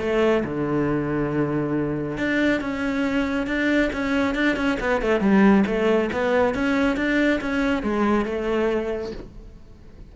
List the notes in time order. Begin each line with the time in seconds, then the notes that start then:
0.00 A3
0.44 D3
2.18 D4
2.61 C#4
3.47 D4
3.93 C#4
4.35 D4
4.56 C#4
4.80 B3
5.02 A3
5.20 G3
5.66 A3
6.12 B3
6.54 C#4
6.96 D4
7.41 C#4
7.83 G#3
8.25 A3